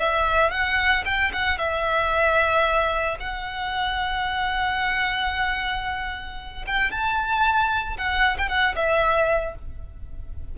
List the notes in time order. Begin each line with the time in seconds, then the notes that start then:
0.00 E5
0.51 F#5
1.05 G5
1.33 F#5
1.58 E5
3.20 F#5
6.67 G5
6.92 A5
7.98 F#5
8.38 G5
8.49 F#5
8.76 E5